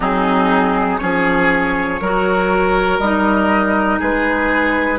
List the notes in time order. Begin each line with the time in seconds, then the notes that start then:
0.00 F#3 C4 D#4 G#4
0.98 F3 C#4 G#4 C#5
2.00 F#3 F#4 A#4
2.99 G3 D#4 D#5
3.99 G#3 G#4 B4